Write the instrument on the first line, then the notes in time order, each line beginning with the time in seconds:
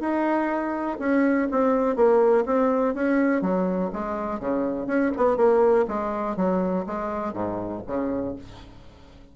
bassoon
0.00 D#4
0.99 C#4
1.51 C4
1.96 A#3
2.46 C4
2.94 C#4
3.41 F#3
3.92 G#3
4.39 C#3
4.87 C#4
5.17 B3
5.37 A#3
5.88 G#3
6.36 F#3
6.86 G#3
7.33 G#2
7.87 C#3